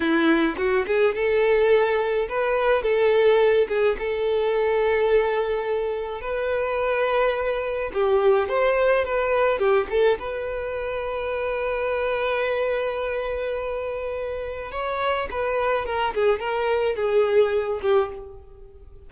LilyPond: \new Staff \with { instrumentName = "violin" } { \time 4/4 \tempo 4 = 106 e'4 fis'8 gis'8 a'2 | b'4 a'4. gis'8 a'4~ | a'2. b'4~ | b'2 g'4 c''4 |
b'4 g'8 a'8 b'2~ | b'1~ | b'2 cis''4 b'4 | ais'8 gis'8 ais'4 gis'4. g'8 | }